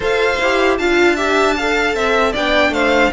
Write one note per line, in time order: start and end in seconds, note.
0.00 0.37 F4
0.00 0.36 A4
0.00 0.78 C5
0.00 0.77 F5
0.40 0.78 E4
0.40 0.80 G4
0.77 1.94 D4
0.77 1.17 F4
0.77 1.16 F5
0.77 2.33 A5
1.16 1.56 G4
1.16 1.55 E5
1.56 2.36 A4
1.56 1.95 F5
1.94 2.33 C4
1.94 2.32 E5
2.32 2.69 B3
2.32 3.12 D4
2.32 2.71 D5
2.32 2.73 G5
2.69 3.08 A3
2.69 3.12 C5
2.69 3.12 F5